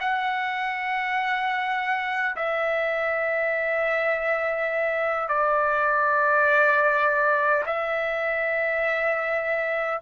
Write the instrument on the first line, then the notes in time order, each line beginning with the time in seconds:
trumpet
0.00 F#5
2.36 E5
5.28 D5
7.65 E5